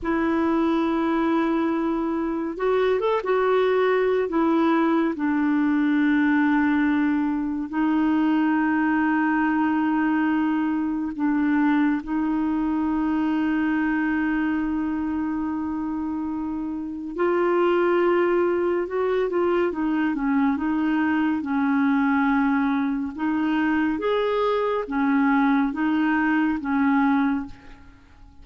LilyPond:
\new Staff \with { instrumentName = "clarinet" } { \time 4/4 \tempo 4 = 70 e'2. fis'8 a'16 fis'16~ | fis'4 e'4 d'2~ | d'4 dis'2.~ | dis'4 d'4 dis'2~ |
dis'1 | f'2 fis'8 f'8 dis'8 cis'8 | dis'4 cis'2 dis'4 | gis'4 cis'4 dis'4 cis'4 | }